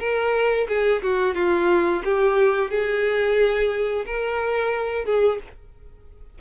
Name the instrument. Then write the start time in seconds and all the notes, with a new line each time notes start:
violin
0.00 A#4
0.69 G#4
1.03 F#4
1.35 F4
2.05 G4
2.71 G#4
4.06 A#4
5.05 G#4